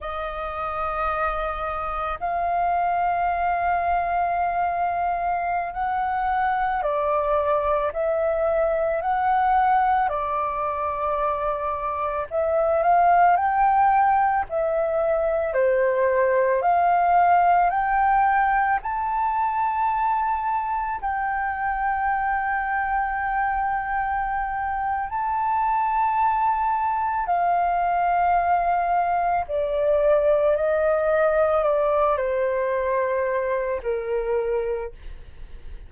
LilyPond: \new Staff \with { instrumentName = "flute" } { \time 4/4 \tempo 4 = 55 dis''2 f''2~ | f''4~ f''16 fis''4 d''4 e''8.~ | e''16 fis''4 d''2 e''8 f''16~ | f''16 g''4 e''4 c''4 f''8.~ |
f''16 g''4 a''2 g''8.~ | g''2. a''4~ | a''4 f''2 d''4 | dis''4 d''8 c''4. ais'4 | }